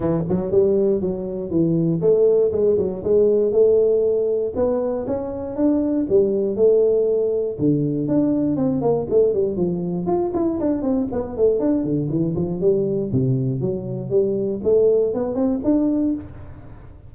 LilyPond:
\new Staff \with { instrumentName = "tuba" } { \time 4/4 \tempo 4 = 119 e8 fis8 g4 fis4 e4 | a4 gis8 fis8 gis4 a4~ | a4 b4 cis'4 d'4 | g4 a2 d4 |
d'4 c'8 ais8 a8 g8 f4 | f'8 e'8 d'8 c'8 b8 a8 d'8 d8 | e8 f8 g4 c4 fis4 | g4 a4 b8 c'8 d'4 | }